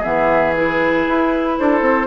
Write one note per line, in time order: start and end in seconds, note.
0.00 1.07 E3
0.00 0.54 B3
0.00 1.54 G#4
0.00 0.54 E5
0.56 2.07 E4
0.56 1.59 B4
1.07 1.58 E4
1.59 1.81 D4
1.59 2.07 A4
1.59 2.07 C5
1.81 2.07 C4